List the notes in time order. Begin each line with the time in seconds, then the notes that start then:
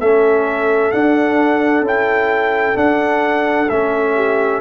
0.00 A3 C#4 A4 E5
0.92 D4 F#5
1.81 C#4 E4
1.88 G5
2.75 D4 F#5
3.70 A3 C#4 E5
4.15 G4